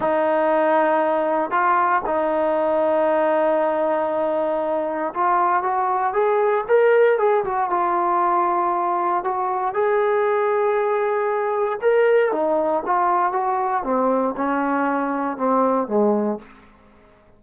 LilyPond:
\new Staff \with { instrumentName = "trombone" } { \time 4/4 \tempo 4 = 117 dis'2. f'4 | dis'1~ | dis'2 f'4 fis'4 | gis'4 ais'4 gis'8 fis'8 f'4~ |
f'2 fis'4 gis'4~ | gis'2. ais'4 | dis'4 f'4 fis'4 c'4 | cis'2 c'4 gis4 | }